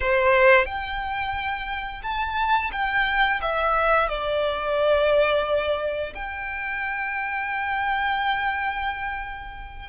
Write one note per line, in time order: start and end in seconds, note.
0.00 0.65 C5
0.65 2.02 G5
2.02 2.71 A5
2.72 3.40 G5
3.41 4.08 E5
4.08 6.13 D5
6.14 9.89 G5